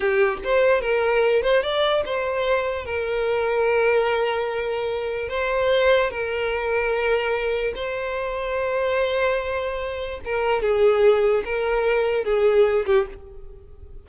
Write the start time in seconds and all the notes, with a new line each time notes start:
0.00 G4
0.44 C5
0.81 A#4
1.42 C5
1.63 D5
2.05 C5
2.85 A#4
5.28 C5
6.10 A#4
7.75 C5
10.24 A#4
10.62 G#4
11.44 A#4
12.24 G#4
12.86 G4